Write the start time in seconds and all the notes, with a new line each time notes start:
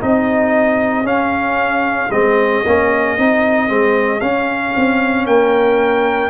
0.00 C4 D#4 G#4 D#5
1.03 C#4 F5
2.10 G#3 C4 D#5
2.66 A#3 C#4
3.18 C4 D#4
3.68 G#3 C4
4.20 C#4 F5
4.76 C4
5.26 A#3 A#4 G5